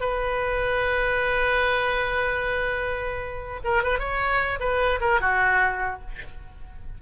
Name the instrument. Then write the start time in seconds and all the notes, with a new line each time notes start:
oboe
0.00 B4
3.64 A#4
3.83 B4
3.99 C#5
4.60 B4
5.00 A#4
5.20 F#4